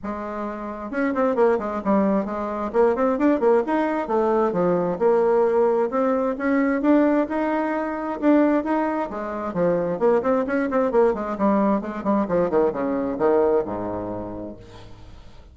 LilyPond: \new Staff \with { instrumentName = "bassoon" } { \time 4/4 \tempo 4 = 132 gis2 cis'8 c'8 ais8 gis8 | g4 gis4 ais8 c'8 d'8 ais8 | dis'4 a4 f4 ais4~ | ais4 c'4 cis'4 d'4 |
dis'2 d'4 dis'4 | gis4 f4 ais8 c'8 cis'8 c'8 | ais8 gis8 g4 gis8 g8 f8 dis8 | cis4 dis4 gis,2 | }